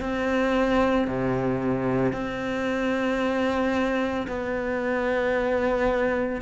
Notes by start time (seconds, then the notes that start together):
0.00 C4
1.07 C3
2.13 C4
4.28 B3